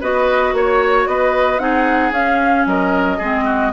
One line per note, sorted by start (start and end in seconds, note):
0.00 0.53 B3
0.00 1.59 F#4
0.00 0.53 B4
0.00 0.55 D#5
0.53 1.06 A#3
0.53 1.07 C#5
0.53 1.09 C#5
1.07 1.58 B3
1.07 1.62 B4
1.07 1.58 D#5
1.58 2.11 C4
1.58 2.12 D#4
1.58 2.68 G#4
1.58 2.11 F#5
2.11 2.64 C#4
2.11 3.20 C#4
2.11 2.66 F5
2.66 3.19 F#3
2.66 3.17 A#4
2.66 3.72 D#5
3.17 3.72 G#3
3.17 3.72 C4
3.17 3.44 G#4
3.45 3.71 F#4